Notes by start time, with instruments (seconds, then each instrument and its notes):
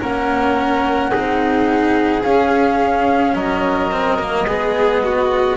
0.00 double bass A#3, cello C#4, violin A#4, flute F#5
1.11 double bass C4, cello D#4, violin G#4
2.23 double bass C#4, cello C#4, flute F5
3.34 double bass F#3, violin A#4, flute D#5
3.91 cello C4
4.19 cello A#3
4.46 double bass G#3, cello B3, violin G#4
5.04 violin F#4